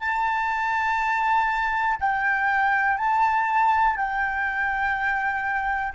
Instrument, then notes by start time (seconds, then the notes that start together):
flute
0.00 A5
2.00 G5
2.97 A5
3.97 G5